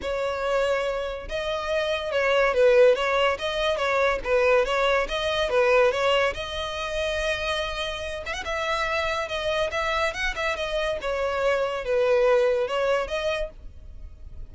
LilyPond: \new Staff \with { instrumentName = "violin" } { \time 4/4 \tempo 4 = 142 cis''2. dis''4~ | dis''4 cis''4 b'4 cis''4 | dis''4 cis''4 b'4 cis''4 | dis''4 b'4 cis''4 dis''4~ |
dis''2.~ dis''8 e''16 fis''16 | e''2 dis''4 e''4 | fis''8 e''8 dis''4 cis''2 | b'2 cis''4 dis''4 | }